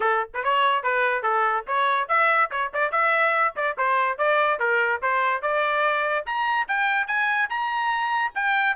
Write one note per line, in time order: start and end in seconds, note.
0.00 0.30 A4
0.34 0.43 B4
0.43 0.83 C#5
0.83 1.23 B4
1.23 1.64 A4
1.67 2.08 C#5
2.08 2.50 E5
2.50 2.71 C#5
2.73 2.91 D5
2.91 3.54 E5
3.55 3.76 D5
3.77 4.18 C5
4.18 4.59 D5
4.59 5.01 A#4
5.02 5.41 C5
5.41 6.25 D5
6.25 6.67 A#5
6.68 7.07 G5
7.07 7.49 G#5
7.49 8.32 A#5
8.34 8.76 G5